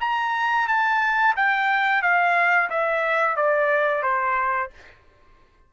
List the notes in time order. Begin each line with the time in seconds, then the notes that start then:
0.00 A#5
0.67 A5
1.36 G5
2.02 F5
2.70 E5
3.36 D5
4.02 C5